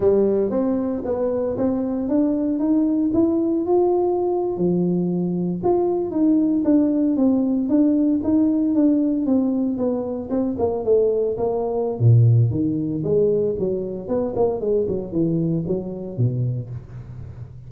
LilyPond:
\new Staff \with { instrumentName = "tuba" } { \time 4/4 \tempo 4 = 115 g4 c'4 b4 c'4 | d'4 dis'4 e'4 f'4~ | f'8. f2 f'4 dis'16~ | dis'8. d'4 c'4 d'4 dis'16~ |
dis'8. d'4 c'4 b4 c'16~ | c'16 ais8 a4 ais4~ ais16 ais,4 | dis4 gis4 fis4 b8 ais8 | gis8 fis8 e4 fis4 b,4 | }